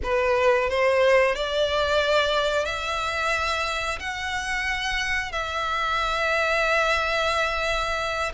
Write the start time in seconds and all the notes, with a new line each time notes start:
0.03 B4
0.69 C5
1.35 D5
2.65 E5
3.99 F#5
5.32 E5